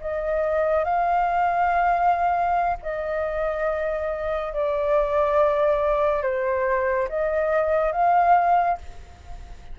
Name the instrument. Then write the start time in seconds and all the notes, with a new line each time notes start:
flute
0.00 D#5
0.84 F5
2.82 D#5
4.53 D5
6.22 C5
7.09 D#5
7.92 F5